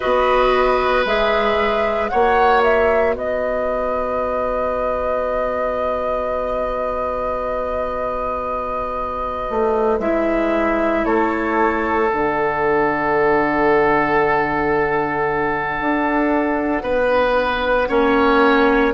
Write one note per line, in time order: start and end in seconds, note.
0.00 1.05 B3
0.00 1.06 F#4
0.00 2.10 B4
0.00 1.05 D#5
1.05 2.10 G#3
1.05 2.10 G#4
1.05 2.08 E5
2.08 3.14 A#3
2.08 10.00 F#4
2.08 3.15 C#5
2.08 2.61 F#5
2.63 3.15 E5
3.14 9.46 B3
3.14 11.05 B4
3.14 9.99 D#5
9.50 9.99 A3
9.99 11.04 G#3
9.99 12.09 E4
9.99 11.04 E5
11.04 12.11 A3
11.04 16.82 A4
11.04 12.09 C#5
12.09 15.80 D3
12.09 17.88 D4
12.09 18.94 F#5
15.80 16.82 D4
16.82 17.87 B3
16.82 17.88 B4
17.88 18.94 A#3
17.88 18.93 C#4
17.88 18.93 C#5